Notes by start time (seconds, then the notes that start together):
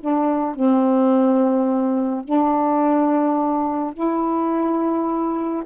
0.00 D4
0.55 C4
2.24 D4
3.94 E4